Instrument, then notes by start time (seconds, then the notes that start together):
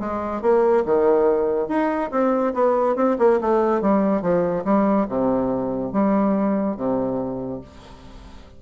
bassoon
0.00 G#3
0.42 A#3
0.86 D#3
1.68 D#4
2.11 C4
2.54 B3
2.96 C4
3.19 A#3
3.41 A3
3.81 G3
4.22 F3
4.65 G3
5.09 C3
5.93 G3
6.77 C3